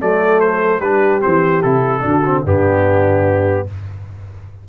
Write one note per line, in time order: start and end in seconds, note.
0.00 0.80 F#3
0.00 0.81 A3
0.00 0.80 A4
0.00 0.40 D5
0.40 0.81 C5
0.80 1.20 G3
0.80 1.22 D4
0.80 2.02 G4
0.80 1.21 B4
1.22 1.64 E3
1.22 1.62 C4
1.22 1.62 C5
1.62 2.05 C3
1.62 2.01 E4
1.62 2.44 A4
2.01 2.45 D3
2.01 2.21 D4
2.01 2.44 F#4
2.26 2.46 C4
2.44 3.67 G2
2.44 3.67 B3
2.44 3.66 D4
2.44 3.68 G4